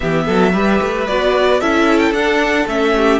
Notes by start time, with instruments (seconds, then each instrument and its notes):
0.00 cello E3, viola B3, violin G4 E5
0.25 cello F#3, violin A4
0.53 cello G3, viola G4, violin B4
0.81 cello A3
1.06 cello B3, viola F#4, violin D5
1.60 cello C#4, viola E4, violin A4 E5
1.98 violin G5
2.11 cello D4, viola D4, violin F#5
2.67 cello A3, viola C#4, violin E5
2.96 violin G4